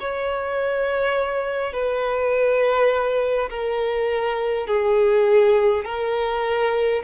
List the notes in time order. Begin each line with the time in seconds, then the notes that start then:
0.00 C#5
1.73 B4
3.50 A#4
4.67 G#4
5.85 A#4